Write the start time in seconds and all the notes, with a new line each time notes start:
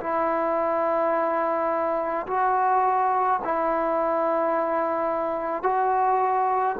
0.00 E4
2.27 F#4
3.44 E4
5.63 F#4